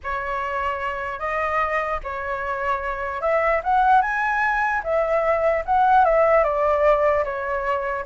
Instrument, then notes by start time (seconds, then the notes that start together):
flute
0.03 C#5
1.19 D#5
2.03 C#5
3.21 E5
3.63 F#5
4.01 G#5
4.83 E5
5.65 F#5
6.04 E5
6.43 D5
7.24 C#5